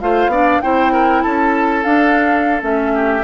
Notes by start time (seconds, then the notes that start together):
0.00 A3 F4 C5 F5
0.27 B3 D4 D5
0.61 C4 E4 C5 G5
0.92 A#4
1.22 C#4 A4 A5
1.84 D4 F5
2.61 A3 C#4 E5
2.94 G4